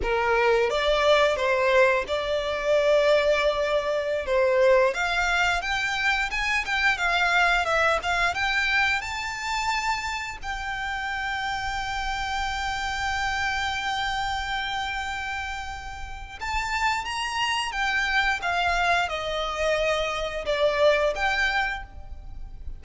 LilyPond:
\new Staff \with { instrumentName = "violin" } { \time 4/4 \tempo 4 = 88 ais'4 d''4 c''4 d''4~ | d''2~ d''16 c''4 f''8.~ | f''16 g''4 gis''8 g''8 f''4 e''8 f''16~ | f''16 g''4 a''2 g''8.~ |
g''1~ | g''1 | a''4 ais''4 g''4 f''4 | dis''2 d''4 g''4 | }